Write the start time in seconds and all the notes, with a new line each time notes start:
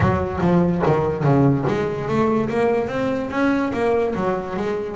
0.00 F#3
0.40 F3
0.86 D#3
1.23 C#3
1.67 G#3
2.08 A3
2.49 A#3
2.88 C4
3.30 C#4
3.73 A#3
4.15 F#3
4.56 G#3